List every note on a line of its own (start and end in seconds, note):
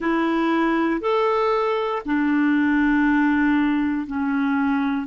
0.00 1.00 E4
1.00 2.02 A4
2.05 4.07 D4
4.07 5.07 C#4